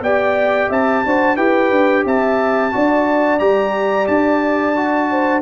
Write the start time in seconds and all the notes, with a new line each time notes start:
0.00 B3 G4 D5 G5
0.68 C4 E5 A5
1.05 D4 F#4 C5
1.36 E4 G4 B4 G5
1.70 D4
2.05 C4 E5 A5
2.72 D4 F#4 D5
3.39 G3 G4 A#5
4.07 D4 A5
4.76 F#4
5.10 C5